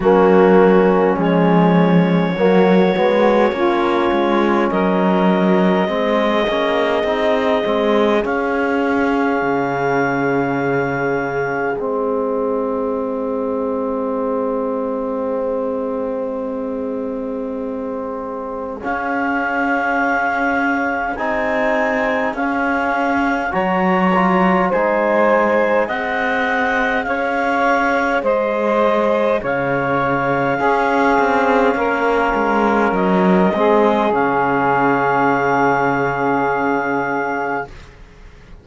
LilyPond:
<<
  \new Staff \with { instrumentName = "clarinet" } { \time 4/4 \tempo 4 = 51 fis'4 cis''2. | dis''2. f''4~ | f''2 dis''2~ | dis''1 |
f''2 gis''4 f''4 | ais''4 gis''4 fis''4 f''4 | dis''4 f''2. | dis''4 f''2. | }
  \new Staff \with { instrumentName = "saxophone" } { \time 4/4 cis'2 fis'4 f'4 | ais'4 gis'2.~ | gis'1~ | gis'1~ |
gis'1 | cis''4 c''4 dis''4 cis''4 | c''4 cis''4 gis'4 ais'4~ | ais'8 gis'2.~ gis'8 | }
  \new Staff \with { instrumentName = "trombone" } { \time 4/4 ais4 gis4 ais8 b8 cis'4~ | cis'4 c'8 cis'8 dis'8 c'8 cis'4~ | cis'2 c'2~ | c'1 |
cis'2 dis'4 cis'4 | fis'8 f'8 dis'4 gis'2~ | gis'2 cis'2~ | cis'8 c'8 cis'2. | }
  \new Staff \with { instrumentName = "cello" } { \time 4/4 fis4 f4 fis8 gis8 ais8 gis8 | fis4 gis8 ais8 c'8 gis8 cis'4 | cis2 gis2~ | gis1 |
cis'2 c'4 cis'4 | fis4 gis4 c'4 cis'4 | gis4 cis4 cis'8 c'8 ais8 gis8 | fis8 gis8 cis2. | }
>>